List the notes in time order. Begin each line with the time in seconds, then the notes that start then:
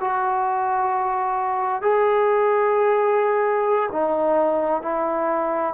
0.00 F#4
1.82 G#4
3.91 D#4
4.82 E4